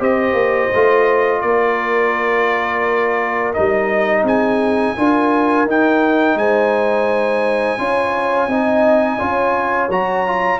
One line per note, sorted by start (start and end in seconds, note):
0.00 0.34 C4
0.00 0.71 G4
0.00 1.41 C5
0.00 1.41 D#5
0.34 0.69 A#3
0.75 1.43 A3
0.75 3.56 F4
1.41 3.55 A#3
1.41 4.24 A#4
1.41 3.53 D5
3.54 4.23 G3
3.54 4.97 D#4
3.54 4.24 D#5
4.23 4.94 C4
4.23 4.95 G#4
4.23 5.69 G#5
4.97 5.66 D4
4.97 5.68 F4
4.97 6.39 A#4
5.66 6.35 D#4
5.66 7.79 D#4
5.66 6.38 G5
6.35 7.77 G#3
6.35 7.80 C5
6.35 9.91 G#5
7.79 8.48 C#4
7.79 8.49 F4
7.79 8.50 C#5
8.48 9.18 C4
8.48 9.19 D#4
8.48 9.20 D#5
9.19 9.90 C#4
9.19 9.90 F4
9.19 10.60 C#5
9.90 10.60 F#3
9.90 10.27 F#4
9.90 10.60 A#5
10.27 10.60 F4